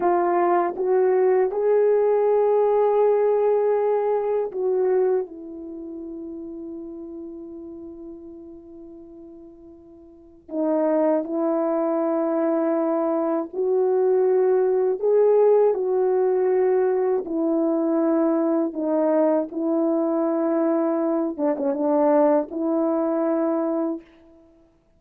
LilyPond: \new Staff \with { instrumentName = "horn" } { \time 4/4 \tempo 4 = 80 f'4 fis'4 gis'2~ | gis'2 fis'4 e'4~ | e'1~ | e'2 dis'4 e'4~ |
e'2 fis'2 | gis'4 fis'2 e'4~ | e'4 dis'4 e'2~ | e'8 d'16 cis'16 d'4 e'2 | }